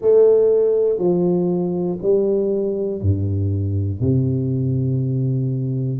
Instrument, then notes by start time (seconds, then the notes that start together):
tuba
0.01 A3
0.98 F3
2.02 G3
3.01 G2
4.00 C3